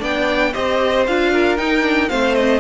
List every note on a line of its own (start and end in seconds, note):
0.00 0.54 B3
0.00 0.52 D4
0.00 0.53 D5
0.00 0.54 G5
0.54 1.08 C4
0.54 1.06 G4
0.54 1.32 C5
0.54 1.06 D#5
1.07 1.58 D4
1.07 1.58 F4
1.07 1.58 F5
1.32 2.10 A#4
1.58 1.82 D#4
1.58 2.10 D#4
1.58 2.09 G5
1.82 2.08 D4
2.09 2.60 A3
2.09 2.60 C4
2.09 2.60 C5
2.09 2.35 F5
2.35 2.60 D#5